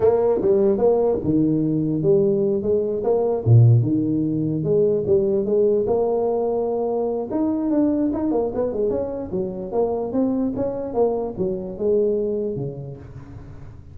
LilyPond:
\new Staff \with { instrumentName = "tuba" } { \time 4/4 \tempo 4 = 148 ais4 g4 ais4 dis4~ | dis4 g4. gis4 ais8~ | ais8 ais,4 dis2 gis8~ | gis8 g4 gis4 ais4.~ |
ais2 dis'4 d'4 | dis'8 ais8 b8 gis8 cis'4 fis4 | ais4 c'4 cis'4 ais4 | fis4 gis2 cis4 | }